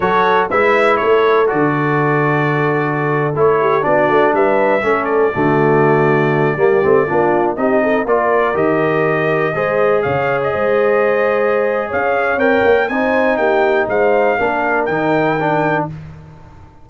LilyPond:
<<
  \new Staff \with { instrumentName = "trumpet" } { \time 4/4 \tempo 4 = 121 cis''4 e''4 cis''4 d''4~ | d''2~ d''8. cis''4 d''16~ | d''8. e''4. d''4.~ d''16~ | d''2.~ d''16 dis''8.~ |
dis''16 d''4 dis''2~ dis''8.~ | dis''16 f''8. dis''2. | f''4 g''4 gis''4 g''4 | f''2 g''2 | }
  \new Staff \with { instrumentName = "horn" } { \time 4/4 a'4 b'4 a'2~ | a'2.~ a'16 g'8 fis'16~ | fis'8. b'4 a'4 fis'4~ fis'16~ | fis'4~ fis'16 g'4 f'4 g'8 a'16~ |
a'16 ais'2. c''8.~ | c''16 cis''4 c''2~ c''8. | cis''2 c''4 g'4 | c''4 ais'2. | }
  \new Staff \with { instrumentName = "trombone" } { \time 4/4 fis'4 e'2 fis'4~ | fis'2~ fis'8. e'4 d'16~ | d'4.~ d'16 cis'4 a4~ a16~ | a4~ a16 ais8 c'8 d'4 dis'8.~ |
dis'16 f'4 g'2 gis'8.~ | gis'1~ | gis'4 ais'4 dis'2~ | dis'4 d'4 dis'4 d'4 | }
  \new Staff \with { instrumentName = "tuba" } { \time 4/4 fis4 gis4 a4 d4~ | d2~ d8. a4 b16~ | b16 a8 g4 a4 d4~ d16~ | d4~ d16 g8 a8 ais4 c'8.~ |
c'16 ais4 dis2 gis8.~ | gis16 cis4 gis2~ gis8. | cis'4 c'8 ais8 c'4 ais4 | gis4 ais4 dis2 | }
>>